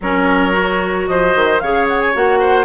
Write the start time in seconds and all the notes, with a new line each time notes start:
0.00 F#3 C#4 A#4 C#5
0.51 F#4
1.07 F3 C5 D#5
1.35 D#3
1.59 C#3 G#4 C#5 F5
1.88 F#5
2.00 G#5
2.14 A#3 F#4 F#5
2.39 C5